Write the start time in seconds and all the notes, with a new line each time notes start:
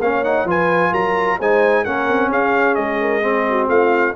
0.00 A#3 C#4 C#5 F5
0.24 D#4 F#5
0.45 F3 F4 B4 G#5
0.91 F#3 A#4 A#5
1.39 G#3 D#4 C5 G#5
1.84 A#3 C#4 A#4 F#5
2.09 C4
2.29 C#4 G#4 F5
2.75 G#3 D#5
3.00 A#4
3.21 C4 G#4
3.49 F#4
3.68 A3 F4 F5